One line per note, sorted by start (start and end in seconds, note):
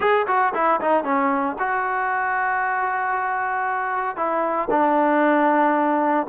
0.00 0.26 G#4
0.27 0.53 F#4
0.54 0.80 E4
0.81 1.04 D#4
1.04 1.56 C#4
1.59 4.16 F#4
4.16 4.68 E4
4.70 6.27 D4